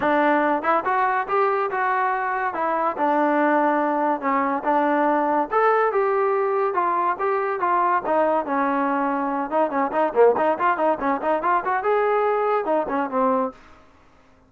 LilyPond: \new Staff \with { instrumentName = "trombone" } { \time 4/4 \tempo 4 = 142 d'4. e'8 fis'4 g'4 | fis'2 e'4 d'4~ | d'2 cis'4 d'4~ | d'4 a'4 g'2 |
f'4 g'4 f'4 dis'4 | cis'2~ cis'8 dis'8 cis'8 dis'8 | ais8 dis'8 f'8 dis'8 cis'8 dis'8 f'8 fis'8 | gis'2 dis'8 cis'8 c'4 | }